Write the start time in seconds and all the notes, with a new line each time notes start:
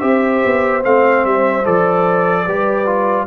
0.00 C4 G4 C5 E5
0.45 B3
0.82 A3 C4 F5
1.24 G3 E5
1.65 F3 A4 D5
2.45 G3 G4 B4
2.86 F4